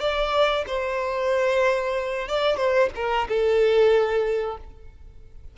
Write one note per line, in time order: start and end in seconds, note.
0.00 0.65 D5
0.67 2.28 C5
2.28 2.57 D5
2.57 2.89 C5
2.95 3.28 A#4
3.28 4.57 A4